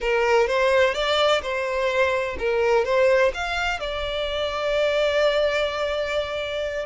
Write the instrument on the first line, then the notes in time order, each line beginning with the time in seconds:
violin
0.00 A#4
0.47 C5
0.94 D5
1.42 C5
2.39 A#4
2.85 C5
3.34 F5
3.80 D5